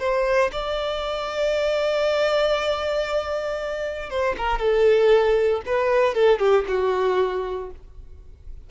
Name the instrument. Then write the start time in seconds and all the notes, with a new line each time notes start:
violin
0.00 C5
0.52 D5
4.10 C5
4.38 A#4
4.59 A4
5.66 B4
6.14 A4
6.40 G4
6.68 F#4